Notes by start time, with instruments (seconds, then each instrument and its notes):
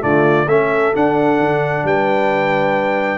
0.00 tuba D3, trombone A3, horn F4, trumpet D5
0.46 tuba A3, trombone C#4, horn A4, trumpet E5
0.93 trombone D4, tuba D4, trumpet F#5
1.39 tuba D3
1.83 tuba G3, horn B4, trumpet G5